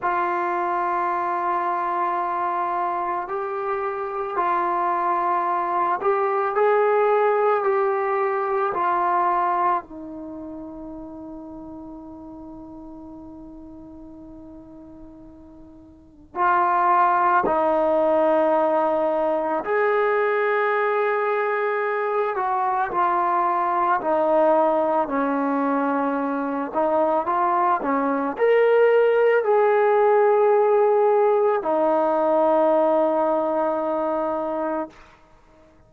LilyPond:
\new Staff \with { instrumentName = "trombone" } { \time 4/4 \tempo 4 = 55 f'2. g'4 | f'4. g'8 gis'4 g'4 | f'4 dis'2.~ | dis'2. f'4 |
dis'2 gis'2~ | gis'8 fis'8 f'4 dis'4 cis'4~ | cis'8 dis'8 f'8 cis'8 ais'4 gis'4~ | gis'4 dis'2. | }